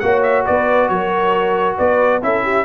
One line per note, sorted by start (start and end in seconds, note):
0.00 0.47 A#3
0.00 2.22 F#4
0.00 0.47 C#5
0.00 0.22 F#5
0.23 0.45 E5
0.46 0.89 B3
0.46 0.91 B4
0.46 0.89 D5
0.89 1.78 F#3
0.89 1.78 A#4
0.89 1.77 C#5
1.78 2.23 B3
1.78 2.22 B4
1.78 2.23 D5
2.22 2.66 C#4
2.22 2.66 E4
2.22 2.44 A4
2.22 2.66 E5
2.44 2.66 G4